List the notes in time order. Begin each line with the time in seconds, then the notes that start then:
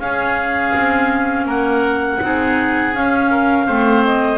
0.00 C#4 G#4 F5
0.75 C4
1.46 A#3 A#4 F#5
2.21 C4 D#4 G#4
2.94 C#4 F5
3.31 A#4
3.67 A3 C4 C5
4.06 D#5